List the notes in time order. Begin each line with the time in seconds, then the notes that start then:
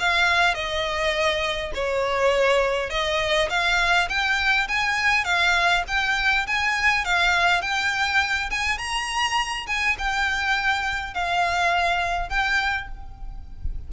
0.00 F5
0.55 D#5
1.75 C#5
2.90 D#5
3.50 F5
4.09 G5
4.68 G#5
5.25 F5
5.88 G5
6.47 G#5
7.05 F5
7.62 G5
8.51 G#5
8.79 A#5
9.67 G#5
9.99 G5
11.15 F5
12.30 G5